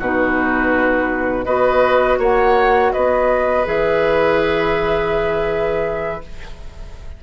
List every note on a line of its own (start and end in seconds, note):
0.00 1.46 B2
0.00 1.46 D#4
0.00 1.45 F#4
0.00 1.45 B4
1.45 2.19 B3
1.45 3.65 F#4
1.45 2.19 B4
1.45 2.18 D#5
2.19 2.92 A#3
2.19 2.92 C#5
2.19 2.93 F#5
2.93 3.66 B3
2.93 6.23 B4
2.93 3.66 D#5
3.65 6.23 E3
3.65 6.21 G#4
3.65 6.24 E5